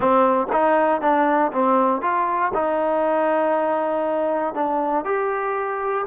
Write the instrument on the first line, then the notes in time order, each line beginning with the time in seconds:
trombone
0.00 C4
0.52 D#4
1.01 D4
1.52 C4
2.01 F4
2.53 D#4
4.54 D4
5.04 G4